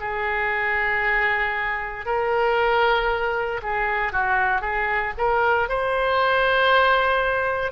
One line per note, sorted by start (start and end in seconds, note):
0.00 2.05 G#4
2.05 3.61 A#4
3.62 4.12 G#4
4.12 4.61 F#4
4.61 5.13 G#4
5.17 5.68 A#4
5.68 7.72 C5